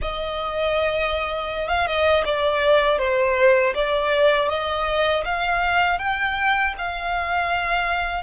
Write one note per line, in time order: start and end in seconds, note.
0.01 1.68 D#5
1.68 1.86 F5
1.86 2.24 D#5
2.24 2.98 D5
2.98 3.73 C5
3.74 4.48 D5
4.48 5.23 D#5
5.24 5.99 F5
5.99 6.74 G5
6.77 8.23 F5